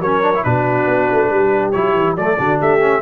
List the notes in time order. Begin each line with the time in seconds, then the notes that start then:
0.00 F#3 C#4 A#4 C#5
0.23 D4
0.35 E4
0.44 B2 D4 F#4 B4
0.87 B3
1.12 A3
1.30 G3 G4
1.72 F#3 E4 C#5
1.94 E3
2.15 F#3 A3 A4 D5
2.37 D3 D4 F#4
2.59 A3 G4 E5
2.80 C#4